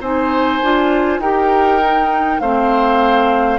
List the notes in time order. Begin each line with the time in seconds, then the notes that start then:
0.00 C4 D#4 C5 G#5
0.62 D4 F4
1.19 D#4 G4 A#4 G5
1.82 D#4
2.40 A3 C4 C5 F5